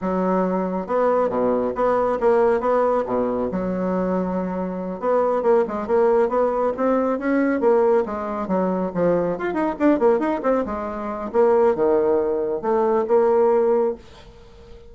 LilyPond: \new Staff \with { instrumentName = "bassoon" } { \time 4/4 \tempo 4 = 138 fis2 b4 b,4 | b4 ais4 b4 b,4 | fis2.~ fis8 b8~ | b8 ais8 gis8 ais4 b4 c'8~ |
c'8 cis'4 ais4 gis4 fis8~ | fis8 f4 f'8 dis'8 d'8 ais8 dis'8 | c'8 gis4. ais4 dis4~ | dis4 a4 ais2 | }